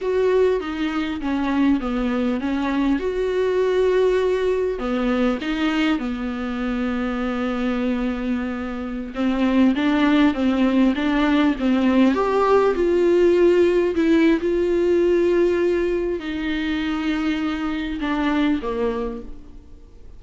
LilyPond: \new Staff \with { instrumentName = "viola" } { \time 4/4 \tempo 4 = 100 fis'4 dis'4 cis'4 b4 | cis'4 fis'2. | b4 dis'4 b2~ | b2.~ b16 c'8.~ |
c'16 d'4 c'4 d'4 c'8.~ | c'16 g'4 f'2 e'8. | f'2. dis'4~ | dis'2 d'4 ais4 | }